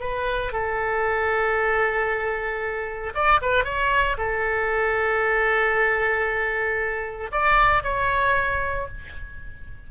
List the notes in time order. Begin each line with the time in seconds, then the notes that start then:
0.00 B4
0.52 A4
3.14 D5
3.42 B4
3.65 C#5
4.18 A4
7.31 D5
7.83 C#5